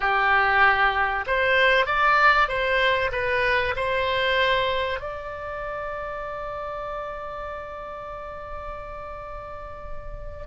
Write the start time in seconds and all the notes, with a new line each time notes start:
0.00 G4
1.27 C5
1.86 D5
2.48 C5
3.12 B4
3.76 C5
5.00 D5